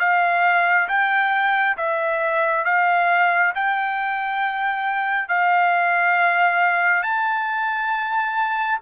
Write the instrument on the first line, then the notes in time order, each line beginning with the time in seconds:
trumpet
0.00 F5
0.89 G5
1.77 E5
2.65 F5
3.55 G5
5.28 F5
7.03 A5